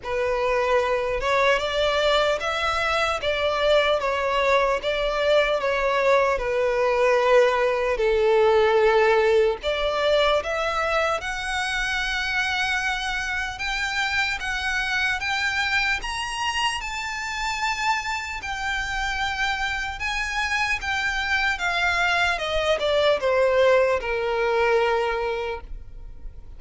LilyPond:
\new Staff \with { instrumentName = "violin" } { \time 4/4 \tempo 4 = 75 b'4. cis''8 d''4 e''4 | d''4 cis''4 d''4 cis''4 | b'2 a'2 | d''4 e''4 fis''2~ |
fis''4 g''4 fis''4 g''4 | ais''4 a''2 g''4~ | g''4 gis''4 g''4 f''4 | dis''8 d''8 c''4 ais'2 | }